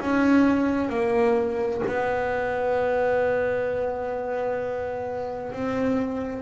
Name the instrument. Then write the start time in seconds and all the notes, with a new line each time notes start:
double bass
0.00 C#4
0.89 A#3
1.87 B3
5.52 C4